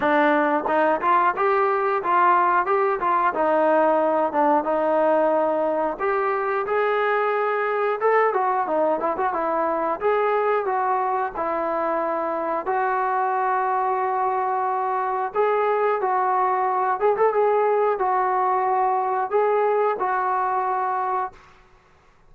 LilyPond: \new Staff \with { instrumentName = "trombone" } { \time 4/4 \tempo 4 = 90 d'4 dis'8 f'8 g'4 f'4 | g'8 f'8 dis'4. d'8 dis'4~ | dis'4 g'4 gis'2 | a'8 fis'8 dis'8 e'16 fis'16 e'4 gis'4 |
fis'4 e'2 fis'4~ | fis'2. gis'4 | fis'4. gis'16 a'16 gis'4 fis'4~ | fis'4 gis'4 fis'2 | }